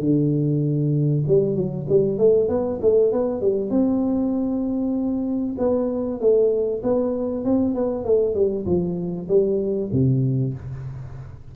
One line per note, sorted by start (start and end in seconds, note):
0.00 1.24 D3
1.28 1.55 G3
1.55 1.86 F#3
1.89 2.18 G3
2.18 2.49 A3
2.49 2.80 B3
2.82 3.12 A3
3.12 3.41 B3
3.41 3.71 G3
3.71 5.56 C4
5.58 6.20 B3
6.20 6.82 A3
6.83 7.45 B3
7.45 7.75 C4
7.75 8.05 B3
8.05 8.35 A3
8.35 8.66 G3
8.66 9.28 F3
9.28 9.90 G3
9.92 10.54 C3